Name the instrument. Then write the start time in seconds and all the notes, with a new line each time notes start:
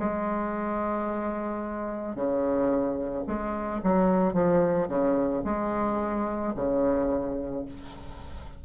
bassoon
0.00 G#3
2.16 C#3
3.27 G#3
3.83 F#3
4.33 F3
4.88 C#3
5.44 G#3
6.56 C#3